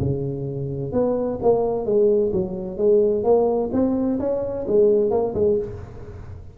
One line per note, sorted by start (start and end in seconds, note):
0.00 0.93 C#3
0.93 1.39 B3
1.42 1.86 A#3
1.86 2.32 G#3
2.33 2.78 F#3
2.78 3.24 G#3
3.24 3.70 A#3
3.73 4.19 C4
4.20 4.66 C#4
4.67 5.11 G#3
5.11 5.34 A#3
5.35 5.58 G#3